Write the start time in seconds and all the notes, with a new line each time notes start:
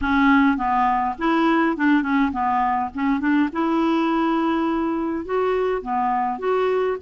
0.01 C#4
0.57 B3
1.18 E4
1.77 D4
2.02 C#4
2.31 B3
2.94 C#4
3.20 D4
3.52 E4
5.25 F#4
5.82 B3
6.39 F#4